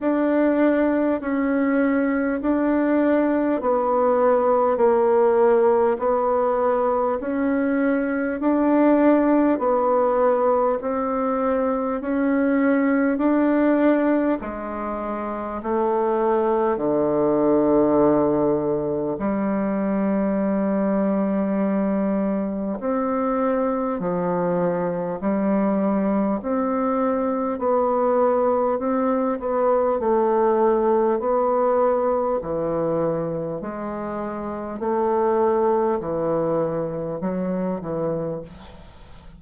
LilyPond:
\new Staff \with { instrumentName = "bassoon" } { \time 4/4 \tempo 4 = 50 d'4 cis'4 d'4 b4 | ais4 b4 cis'4 d'4 | b4 c'4 cis'4 d'4 | gis4 a4 d2 |
g2. c'4 | f4 g4 c'4 b4 | c'8 b8 a4 b4 e4 | gis4 a4 e4 fis8 e8 | }